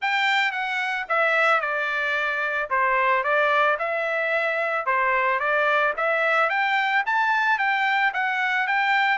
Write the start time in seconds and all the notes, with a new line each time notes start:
0.01 G5
0.51 F#5
1.08 E5
1.61 D5
2.70 C5
3.23 D5
3.78 E5
4.86 C5
5.39 D5
5.97 E5
6.49 G5
7.05 A5
7.58 G5
8.13 F#5
8.67 G5